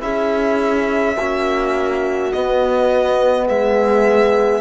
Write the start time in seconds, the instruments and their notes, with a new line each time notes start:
0.00 cello C#4, trombone E4, horn G#4, violin E5
1.17 cello A#3, trombone C#4, horn F#4
2.32 trombone B3, cello B3, violin D#5
3.47 cello G#3, horn G#4, violin E5